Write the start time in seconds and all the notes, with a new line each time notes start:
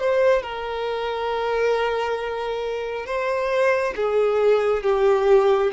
0.00 C5
0.43 A#4
3.06 C5
3.96 G#4
4.83 G4